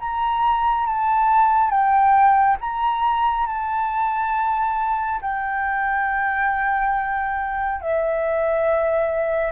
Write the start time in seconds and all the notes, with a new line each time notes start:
0.00 A#5
0.87 A5
1.71 G5
2.61 A#5
3.47 A5
5.22 G5
7.81 E5